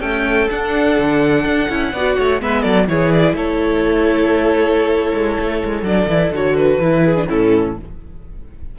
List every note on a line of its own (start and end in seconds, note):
0.00 0.51 A3
0.00 0.48 C#4
0.00 1.91 A4
0.00 0.48 G5
0.50 1.69 D4
0.50 0.99 D4
0.50 2.41 F#5
0.99 1.45 D3
1.45 1.69 D4
1.69 1.93 C#4
1.69 1.93 E4
1.93 2.17 B3
1.93 2.40 F#4
1.93 2.17 D5
2.17 2.42 A3
2.17 2.41 C#5
2.40 2.65 G#3
2.40 2.88 B3
2.40 2.62 B4
2.40 2.63 E5
2.62 2.89 F#3
2.62 2.86 A4
2.62 2.86 D5
2.88 3.34 E3
2.88 5.85 E4
2.88 3.35 G#4
2.88 3.12 C#5
3.12 3.36 D5
3.34 5.12 A3
3.34 7.04 A4
3.34 5.85 C#5
5.14 5.38 G#3
5.39 5.63 A3
5.64 5.83 G#3
5.83 6.06 F#3
5.83 6.09 D4
5.83 6.33 D5
6.07 6.31 E3
6.07 6.33 E4
6.31 6.79 D3
6.31 6.81 F#4
6.31 6.56 C#5
6.56 7.28 B4
6.79 7.26 E3
6.79 7.17 E4
7.05 7.28 G#4
7.17 7.27 D4
7.27 7.79 A2
7.27 7.75 C#4
7.27 7.76 E4
7.27 7.78 A4